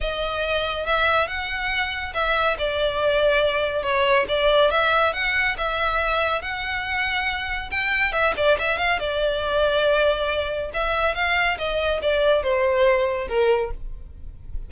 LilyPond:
\new Staff \with { instrumentName = "violin" } { \time 4/4 \tempo 4 = 140 dis''2 e''4 fis''4~ | fis''4 e''4 d''2~ | d''4 cis''4 d''4 e''4 | fis''4 e''2 fis''4~ |
fis''2 g''4 e''8 d''8 | e''8 f''8 d''2.~ | d''4 e''4 f''4 dis''4 | d''4 c''2 ais'4 | }